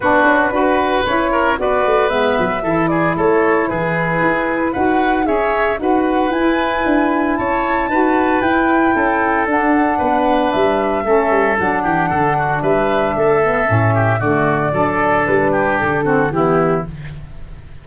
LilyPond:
<<
  \new Staff \with { instrumentName = "flute" } { \time 4/4 \tempo 4 = 114 b'2 cis''4 d''4 | e''4. d''8 cis''4 b'4~ | b'4 fis''4 e''4 fis''4 | gis''2 a''2 |
g''2 fis''2 | e''2 fis''2 | e''2. d''4~ | d''4 b'4 a'4 g'4 | }
  \new Staff \with { instrumentName = "oboe" } { \time 4/4 fis'4 b'4. ais'8 b'4~ | b'4 a'8 gis'8 a'4 gis'4~ | gis'4 b'4 cis''4 b'4~ | b'2 cis''4 b'4~ |
b'4 a'2 b'4~ | b'4 a'4. g'8 a'8 fis'8 | b'4 a'4. g'8 fis'4 | a'4. g'4 fis'8 e'4 | }
  \new Staff \with { instrumentName = "saxophone" } { \time 4/4 d'4 fis'4 e'4 fis'4 | b4 e'2.~ | e'4 fis'4 gis'4 fis'4 | e'2. fis'4 |
e'2 d'2~ | d'4 cis'4 d'2~ | d'4. b8 cis'4 a4 | d'2~ d'8 c'8 b4 | }
  \new Staff \with { instrumentName = "tuba" } { \time 4/4 b8 cis'8 d'4 cis'4 b8 a8 | gis8 fis8 e4 a4 e4 | e'4 dis'4 cis'4 dis'4 | e'4 d'4 cis'4 dis'4 |
e'4 cis'4 d'4 b4 | g4 a8 g8 fis8 e8 d4 | g4 a4 a,4 d4 | fis4 g4 d4 e4 | }
>>